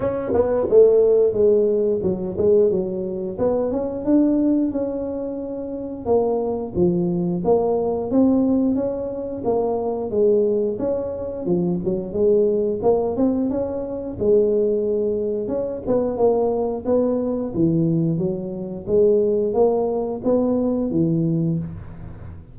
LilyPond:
\new Staff \with { instrumentName = "tuba" } { \time 4/4 \tempo 4 = 89 cis'8 b8 a4 gis4 fis8 gis8 | fis4 b8 cis'8 d'4 cis'4~ | cis'4 ais4 f4 ais4 | c'4 cis'4 ais4 gis4 |
cis'4 f8 fis8 gis4 ais8 c'8 | cis'4 gis2 cis'8 b8 | ais4 b4 e4 fis4 | gis4 ais4 b4 e4 | }